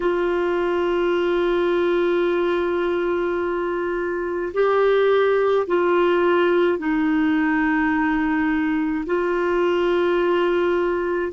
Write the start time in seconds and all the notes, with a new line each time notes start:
0.00 F4
4.53 G4
5.67 F4
6.78 D#4
9.06 F4